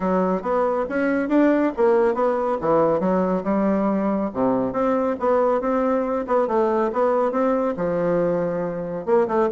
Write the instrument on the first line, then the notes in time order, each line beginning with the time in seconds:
bassoon
0.00 F#3
0.42 B3
0.89 C#4
1.29 D4
1.77 A#3
2.14 B3
2.60 E3
2.99 F#3
3.43 G3
4.33 C3
4.72 C4
5.19 B3
5.61 C4
6.27 B3
6.47 A3
6.92 B3
7.31 C4
7.76 F3
9.05 A#3
9.27 A3